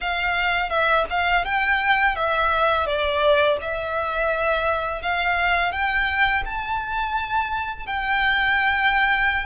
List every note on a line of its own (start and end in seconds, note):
0.01 0.69 F5
0.69 1.05 E5
1.09 1.44 F5
1.44 2.15 G5
2.15 2.86 E5
2.86 3.57 D5
3.61 5.02 E5
5.02 5.71 F5
5.71 6.43 G5
6.45 7.86 A5
7.86 9.45 G5